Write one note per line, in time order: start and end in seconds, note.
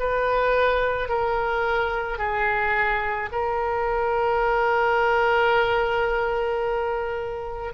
0.00 1.09 B4
1.09 2.19 A#4
2.19 3.30 G#4
3.32 7.74 A#4